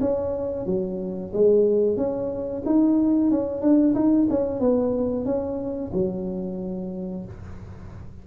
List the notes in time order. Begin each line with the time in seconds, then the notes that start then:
0.00 C#4
0.66 F#3
1.33 G#3
1.97 C#4
2.66 D#4
3.30 C#4
3.61 D4
3.94 D#4
4.30 C#4
4.60 B3
5.25 C#4
5.93 F#3